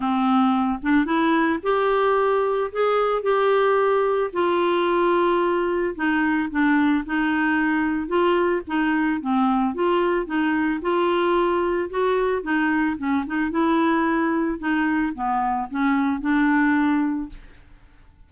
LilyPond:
\new Staff \with { instrumentName = "clarinet" } { \time 4/4 \tempo 4 = 111 c'4. d'8 e'4 g'4~ | g'4 gis'4 g'2 | f'2. dis'4 | d'4 dis'2 f'4 |
dis'4 c'4 f'4 dis'4 | f'2 fis'4 dis'4 | cis'8 dis'8 e'2 dis'4 | b4 cis'4 d'2 | }